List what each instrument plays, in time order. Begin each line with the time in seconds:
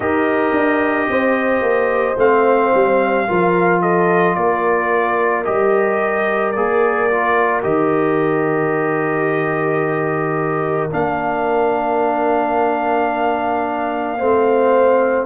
0.00 tuba D#4, trombone G4, horn A#4, trumpet D#5
0.53 tuba D4
1.09 tuba C4, horn C5
1.61 tuba A#3
2.17 tuba A3, trombone C4, trumpet F5
2.74 tuba G3
3.27 tuba F3, trombone F4, horn A#4
3.81 horn A4, trumpet D#5
4.35 tuba A#3, horn A#4, trumpet D5
5.44 tuba G3, trombone G4, trumpet D#5
6.51 tuba A#3, trombone G#4, trumpet D5
7.10 trombone F4
7.62 tuba D#3, trombone G4, trumpet D#5
10.90 tuba A#3, trombone D4, trumpet F5
14.17 tuba A3, trombone C4, horn C5